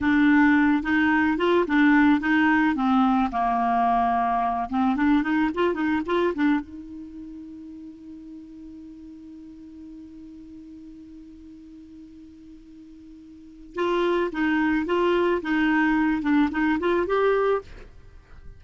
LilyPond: \new Staff \with { instrumentName = "clarinet" } { \time 4/4 \tempo 4 = 109 d'4. dis'4 f'8 d'4 | dis'4 c'4 ais2~ | ais8 c'8 d'8 dis'8 f'8 dis'8 f'8 d'8 | dis'1~ |
dis'1~ | dis'1~ | dis'4 f'4 dis'4 f'4 | dis'4. d'8 dis'8 f'8 g'4 | }